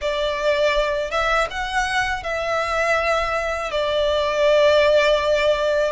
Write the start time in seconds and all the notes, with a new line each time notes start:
0.01 D5
1.10 E5
1.50 F#5
2.23 E5
3.71 D5